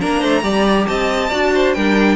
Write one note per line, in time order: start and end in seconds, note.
0.00 0.24 A#3
0.00 0.43 D4
0.00 0.20 A#4
0.00 0.87 A#5
0.20 0.43 A3
0.20 0.42 C5
0.43 0.87 G3
0.43 1.30 G4
0.43 0.87 D5
0.87 1.32 C4
0.87 1.30 D#5
0.87 1.74 A5
1.30 1.76 D4
1.30 1.75 F#4
1.30 1.51 D5
1.55 1.76 C5
1.74 2.16 G3
1.74 2.16 D4
1.74 2.16 A#4
1.74 2.16 G5